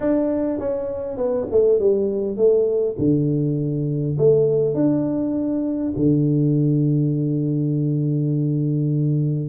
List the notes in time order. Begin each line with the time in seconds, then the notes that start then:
0.00 D4
0.59 C#4
1.17 B3
1.51 A3
1.79 G3
2.36 A3
2.98 D3
4.17 A3
4.74 D4
5.96 D3